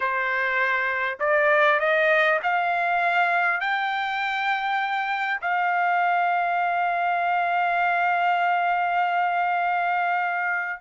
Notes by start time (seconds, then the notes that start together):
0.00 C5
1.19 D5
1.79 D#5
2.42 F5
3.60 G5
5.41 F5